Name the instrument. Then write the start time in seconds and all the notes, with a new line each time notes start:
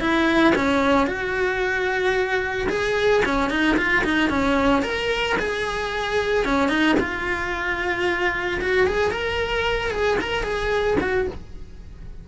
cello
0.00 E4
0.55 C#4
1.07 F#4
2.69 G#4
3.25 C#4
3.50 D#4
3.77 F4
4.04 D#4
4.30 C#4
4.82 A#4
5.39 G#4
6.45 C#4
6.69 D#4
7.00 F4
8.62 F#4
8.87 G#4
9.11 A#4
9.91 G#4
10.21 A#4
10.43 G#4
11.00 F#4